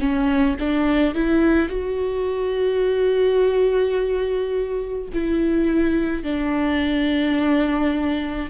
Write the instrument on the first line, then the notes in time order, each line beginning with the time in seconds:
viola
0.00 C#4
0.60 D4
1.15 E4
1.69 F#4
5.14 E4
6.24 D4